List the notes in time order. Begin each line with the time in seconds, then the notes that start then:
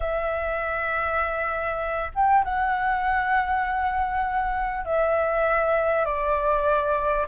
0.00 E5
2.14 G5
2.44 F#5
4.85 E5
6.05 D5